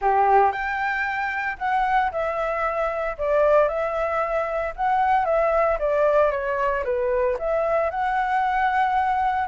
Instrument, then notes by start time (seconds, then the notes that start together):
flute
0.01 G4
0.51 G5
1.58 F#5
2.11 E5
3.17 D5
3.68 E5
4.75 F#5
5.25 E5
5.79 D5
6.31 C#5
6.84 B4
7.38 E5
7.90 F#5